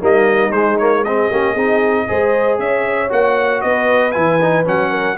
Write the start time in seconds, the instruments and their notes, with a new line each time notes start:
0.00 tuba G3, trombone A#3, horn D#4, trumpet D#5
0.50 tuba G#3, trombone G#3, trumpet C5
0.78 trombone A#3, trumpet C#5
1.03 trombone C4, horn G#4, trumpet D#5
1.30 tuba A#3, trombone C#4, horn G4
1.52 tuba C4, trombone D#4, horn G#4
2.07 tuba G#3, trombone G#4, horn C5
2.58 tuba C#4, horn C#5, trumpet E5
3.08 tuba A#3, trombone F#4, trumpet F#5
3.61 tuba B3, horn B4, trumpet D#5
4.11 tuba E3, trombone E4, trumpet G#5
4.41 trombone D#4
4.64 tuba F#3, trombone C#4, trumpet F#5
4.90 horn A#4